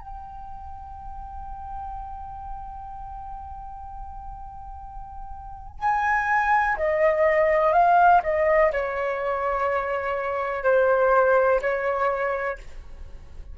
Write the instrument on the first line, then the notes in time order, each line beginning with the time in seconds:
flute
0.00 G5
5.80 G#5
6.77 D#5
7.73 F5
8.23 D#5
8.72 C#5
10.64 C5
11.61 C#5